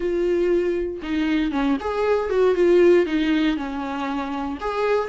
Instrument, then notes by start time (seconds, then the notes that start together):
viola
0.00 F4
1.02 D#4
1.51 C#4
1.80 G#4
2.29 F#4
2.54 F4
3.05 D#4
3.56 C#4
4.60 G#4